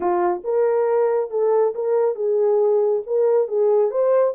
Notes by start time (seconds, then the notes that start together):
0.00 F4
0.44 A#4
1.30 A4
1.74 A#4
2.15 G#4
3.06 A#4
3.48 G#4
3.90 C5